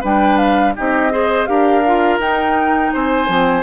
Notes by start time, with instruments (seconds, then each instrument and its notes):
0.00 bassoon G3, clarinet D4, oboe B4, flute G5
0.37 flute F5
0.76 bassoon C4, clarinet D#4, oboe G4, flute D#5
1.11 clarinet G#4, oboe C5
1.45 bassoon D4, clarinet G4, oboe A#4, flute F5
1.86 clarinet F4
2.18 bassoon D#4, clarinet D#4, flute G5
2.93 bassoon C4, oboe C5, flute G#5
3.27 bassoon F3, clarinet C4